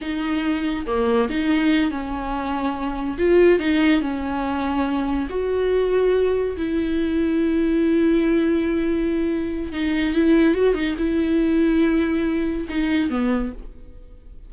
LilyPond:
\new Staff \with { instrumentName = "viola" } { \time 4/4 \tempo 4 = 142 dis'2 ais4 dis'4~ | dis'8 cis'2. f'8~ | f'8 dis'4 cis'2~ cis'8~ | cis'8 fis'2. e'8~ |
e'1~ | e'2. dis'4 | e'4 fis'8 dis'8 e'2~ | e'2 dis'4 b4 | }